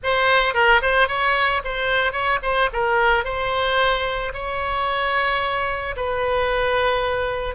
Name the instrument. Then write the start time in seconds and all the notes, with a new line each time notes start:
oboe
0.03 C5
0.54 A#4
0.81 C5
1.08 C#5
1.64 C5
2.12 C#5
2.42 C5
2.72 A#4
3.24 C5
4.33 C#5
5.96 B4